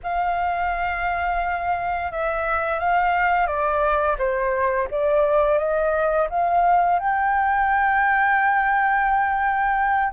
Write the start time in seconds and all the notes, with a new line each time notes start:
0.03 F5
2.11 E5
2.79 F5
3.46 D5
4.18 C5
4.90 D5
5.58 D#5
6.29 F5
6.99 G5